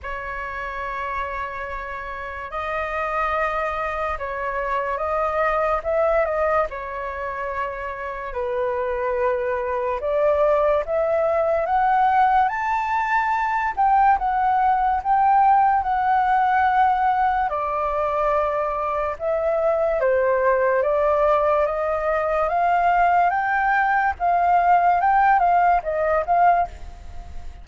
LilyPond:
\new Staff \with { instrumentName = "flute" } { \time 4/4 \tempo 4 = 72 cis''2. dis''4~ | dis''4 cis''4 dis''4 e''8 dis''8 | cis''2 b'2 | d''4 e''4 fis''4 a''4~ |
a''8 g''8 fis''4 g''4 fis''4~ | fis''4 d''2 e''4 | c''4 d''4 dis''4 f''4 | g''4 f''4 g''8 f''8 dis''8 f''8 | }